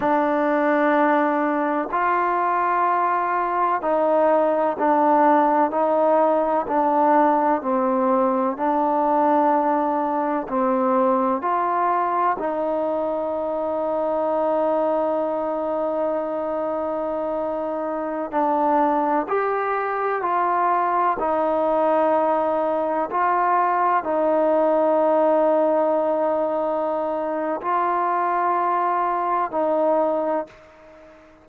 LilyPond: \new Staff \with { instrumentName = "trombone" } { \time 4/4 \tempo 4 = 63 d'2 f'2 | dis'4 d'4 dis'4 d'4 | c'4 d'2 c'4 | f'4 dis'2.~ |
dis'2.~ dis'16 d'8.~ | d'16 g'4 f'4 dis'4.~ dis'16~ | dis'16 f'4 dis'2~ dis'8.~ | dis'4 f'2 dis'4 | }